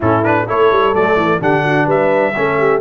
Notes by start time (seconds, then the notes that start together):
0.00 A2 C#4 E4 A4
0.23 D4 B4
0.46 A3 E4 A4 C#5
0.71 G3
0.94 F#3 A3 D5
1.16 E3
1.40 D3 D4 G4 F#5
1.64 F#4
1.86 G3 B4 E5
2.35 A3 C#4 A4
2.58 G4